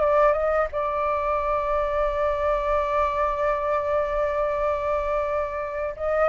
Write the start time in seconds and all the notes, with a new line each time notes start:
0.00 D5
0.32 D#5
0.72 D5
5.96 D#5